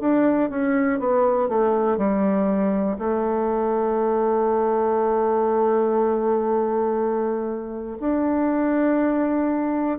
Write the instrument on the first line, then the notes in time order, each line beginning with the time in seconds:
bassoon
0.00 D4
0.50 C#4
1.00 B3
1.49 A3
1.97 G3
2.98 A3
8.00 D4